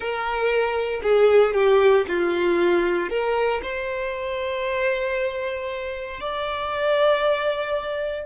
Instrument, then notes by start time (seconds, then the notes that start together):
violin
0.00 A#4
1.03 G#4
1.53 G4
2.07 F4
3.09 A#4
3.62 C5
6.20 D5